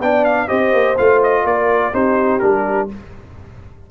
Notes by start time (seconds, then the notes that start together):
0.00 B3 D4 D5 G5
0.24 F5
0.48 C4 G4 C5 D#5
0.73 A#3
0.97 A3 F4 F5
1.23 D#5
1.45 A#3 A#4 D5
1.93 C4 D#4 G4 C5
2.39 G3 D4 A#4